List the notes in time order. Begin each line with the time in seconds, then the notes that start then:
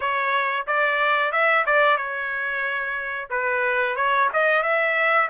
0.00 C#5
0.66 D5
1.32 E5
1.65 D5
1.97 C#5
3.30 B4
3.96 C#5
4.33 D#5
4.62 E5